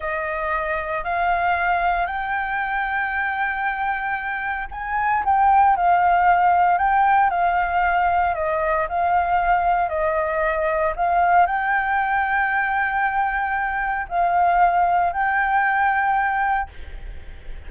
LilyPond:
\new Staff \with { instrumentName = "flute" } { \time 4/4 \tempo 4 = 115 dis''2 f''2 | g''1~ | g''4 gis''4 g''4 f''4~ | f''4 g''4 f''2 |
dis''4 f''2 dis''4~ | dis''4 f''4 g''2~ | g''2. f''4~ | f''4 g''2. | }